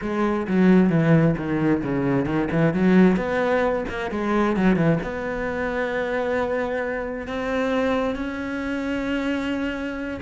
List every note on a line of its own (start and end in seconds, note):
0.01 0.47 G#3
0.47 0.89 F#3
0.89 1.35 E3
1.37 1.82 D#3
1.82 2.25 C#3
2.25 2.48 D#3
2.51 2.73 E3
2.73 3.16 F#3
3.16 3.84 B3
3.88 4.11 A#3
4.11 4.56 G#3
4.56 4.76 F#3
4.76 4.98 E3
5.02 7.27 B3
7.27 8.15 C4
8.15 10.20 C#4